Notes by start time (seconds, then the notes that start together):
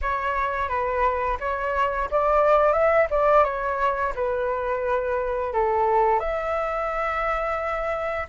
0.01 C#5
0.68 B4
1.39 C#5
2.10 D5
2.72 E5
3.10 D5
3.44 C#5
4.15 B4
5.53 A4
6.19 E5